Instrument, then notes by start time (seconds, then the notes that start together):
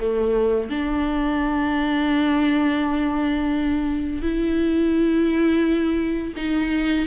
viola
0.00 A3
0.70 D4
4.22 E4
6.37 D#4